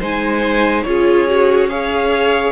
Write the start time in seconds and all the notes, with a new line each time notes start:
0.00 G#3 D#4 C5 G#5
0.83 C#4 F4 G#4 C#5
1.28 F#4
1.70 G#4 C#5 F5